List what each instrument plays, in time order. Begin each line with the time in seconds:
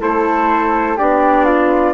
0.00 bassoon A3, clarinet E4, flute A4, trumpet C5
0.97 bassoon B3, clarinet D4, flute G4, trumpet D5
1.45 flute F4